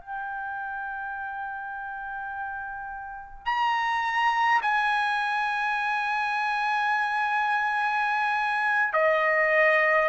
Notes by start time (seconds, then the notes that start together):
0.00 G5
3.46 A#5
4.62 G#5
8.93 D#5